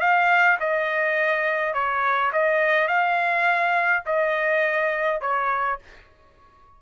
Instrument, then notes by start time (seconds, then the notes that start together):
trumpet
0.00 F5
0.60 D#5
1.74 C#5
2.33 D#5
2.88 F5
4.06 D#5
5.21 C#5